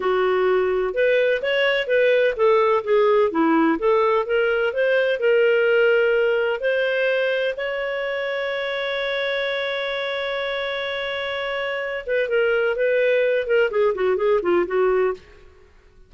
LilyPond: \new Staff \with { instrumentName = "clarinet" } { \time 4/4 \tempo 4 = 127 fis'2 b'4 cis''4 | b'4 a'4 gis'4 e'4 | a'4 ais'4 c''4 ais'4~ | ais'2 c''2 |
cis''1~ | cis''1~ | cis''4. b'8 ais'4 b'4~ | b'8 ais'8 gis'8 fis'8 gis'8 f'8 fis'4 | }